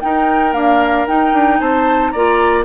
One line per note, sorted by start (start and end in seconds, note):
0.00 0.53 D#4
0.00 0.55 D#4
0.00 1.60 A#4
0.00 0.53 G5
0.53 1.06 A#3
0.53 1.08 D4
0.53 1.06 F5
1.07 2.13 D#4
1.07 1.33 D#4
1.07 1.60 G5
1.33 1.59 D4
1.60 2.13 C4
1.60 2.12 C5
1.60 2.10 A5
2.10 2.64 A#3
2.10 2.64 F4
2.10 2.64 D5
2.10 2.63 A#5